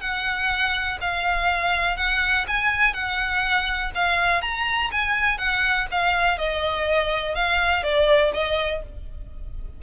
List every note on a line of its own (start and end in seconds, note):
0.00 0.98 F#5
1.01 1.97 F5
1.97 2.45 F#5
2.47 2.93 G#5
2.93 3.91 F#5
3.95 4.41 F5
4.41 4.90 A#5
4.92 5.38 G#5
5.38 5.87 F#5
5.91 6.38 F5
6.38 7.35 D#5
7.35 7.83 F5
7.83 8.32 D5
8.33 8.82 D#5